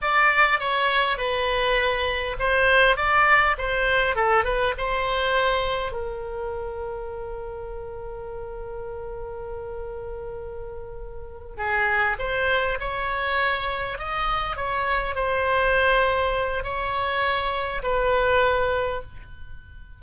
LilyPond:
\new Staff \with { instrumentName = "oboe" } { \time 4/4 \tempo 4 = 101 d''4 cis''4 b'2 | c''4 d''4 c''4 a'8 b'8 | c''2 ais'2~ | ais'1~ |
ais'2.~ ais'8 gis'8~ | gis'8 c''4 cis''2 dis''8~ | dis''8 cis''4 c''2~ c''8 | cis''2 b'2 | }